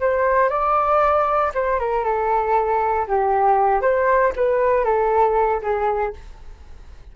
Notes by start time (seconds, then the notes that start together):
0.00 C5
0.49 D5
1.54 C5
1.79 A#4
2.04 A4
3.07 G4
3.81 C5
4.36 B4
4.84 A4
5.62 G#4